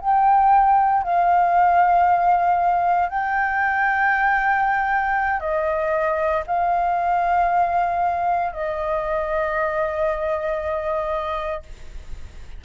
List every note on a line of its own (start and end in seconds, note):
0.00 1.03 G5
1.03 3.09 F5
3.09 5.40 G5
5.40 6.43 D#5
6.47 8.53 F5
8.53 11.63 D#5